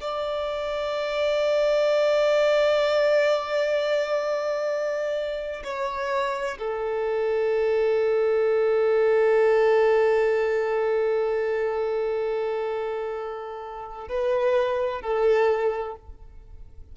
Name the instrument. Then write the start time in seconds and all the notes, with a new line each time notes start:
violin
0.00 D5
5.64 C#5
6.58 A4
14.08 B4
15.01 A4